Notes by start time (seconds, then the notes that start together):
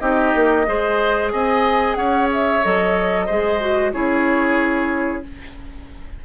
0.00 C4 D#4 G4 D#5
0.35 A#3
0.66 G#3 G#4 C5
1.32 C4 D#5 G#5
1.95 C#4 C#5 F#5
2.33 E5
2.63 F#3 A4 D#5
3.26 G#3 G#4 C5
3.61 F#4
3.93 C#4 E4 G#4 C#5